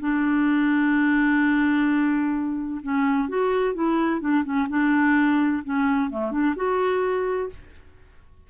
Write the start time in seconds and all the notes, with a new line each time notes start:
0.00 D4
2.83 C#4
3.29 F#4
3.75 E4
4.21 D4
4.44 C#4
4.69 D4
5.64 C#4
6.10 A3
6.31 D4
6.56 F#4